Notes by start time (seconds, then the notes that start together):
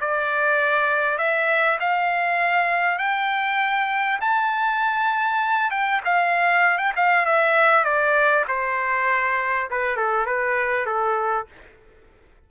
0.00 D5
1.18 E5
1.80 F5
2.98 G5
4.21 A5
5.71 G5
6.04 F5
6.78 G5
6.96 F5
7.25 E5
7.84 D5
8.48 C5
9.70 B4
9.96 A4
10.26 B4
10.86 A4